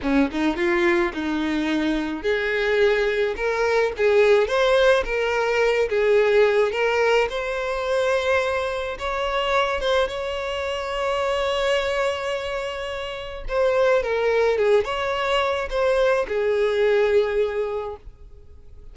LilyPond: \new Staff \with { instrumentName = "violin" } { \time 4/4 \tempo 4 = 107 cis'8 dis'8 f'4 dis'2 | gis'2 ais'4 gis'4 | c''4 ais'4. gis'4. | ais'4 c''2. |
cis''4. c''8 cis''2~ | cis''1 | c''4 ais'4 gis'8 cis''4. | c''4 gis'2. | }